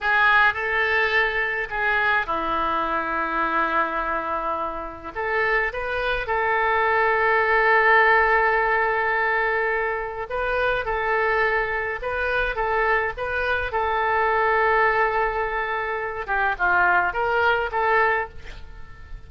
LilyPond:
\new Staff \with { instrumentName = "oboe" } { \time 4/4 \tempo 4 = 105 gis'4 a'2 gis'4 | e'1~ | e'4 a'4 b'4 a'4~ | a'1~ |
a'2 b'4 a'4~ | a'4 b'4 a'4 b'4 | a'1~ | a'8 g'8 f'4 ais'4 a'4 | }